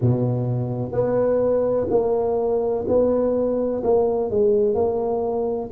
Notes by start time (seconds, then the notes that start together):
0.01 B2
0.91 B3
1.90 A#3
2.87 B3
3.84 A#3
4.30 G#3
4.74 A#3